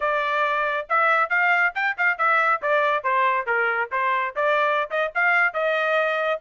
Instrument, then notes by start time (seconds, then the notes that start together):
trumpet
0.00 D5
0.89 E5
1.29 F5
1.75 G5
1.97 F5
2.17 E5
2.62 D5
3.03 C5
3.46 A#4
3.91 C5
4.35 D5
4.90 D#5
5.14 F5
5.53 D#5